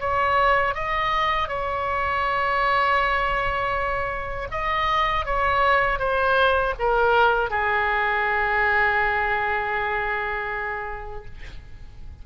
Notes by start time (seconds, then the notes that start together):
0.00 C#5
0.75 D#5
1.49 C#5
4.51 D#5
5.26 C#5
5.99 C5
6.79 A#4
7.50 G#4